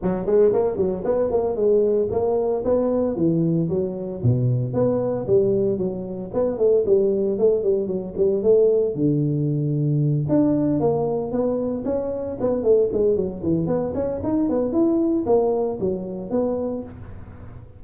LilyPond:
\new Staff \with { instrumentName = "tuba" } { \time 4/4 \tempo 4 = 114 fis8 gis8 ais8 fis8 b8 ais8 gis4 | ais4 b4 e4 fis4 | b,4 b4 g4 fis4 | b8 a8 g4 a8 g8 fis8 g8 |
a4 d2~ d8 d'8~ | d'8 ais4 b4 cis'4 b8 | a8 gis8 fis8 e8 b8 cis'8 dis'8 b8 | e'4 ais4 fis4 b4 | }